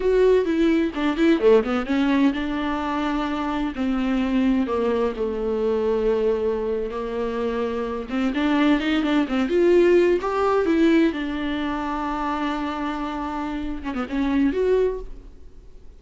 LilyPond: \new Staff \with { instrumentName = "viola" } { \time 4/4 \tempo 4 = 128 fis'4 e'4 d'8 e'8 a8 b8 | cis'4 d'2. | c'2 ais4 a4~ | a2~ a8. ais4~ ais16~ |
ais4~ ais16 c'8 d'4 dis'8 d'8 c'16~ | c'16 f'4. g'4 e'4 d'16~ | d'1~ | d'4. cis'16 b16 cis'4 fis'4 | }